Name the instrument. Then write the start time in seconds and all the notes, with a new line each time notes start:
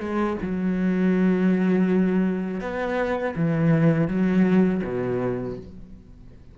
cello
0.00 G#3
0.42 F#3
2.61 B3
3.36 E3
4.08 F#3
4.84 B2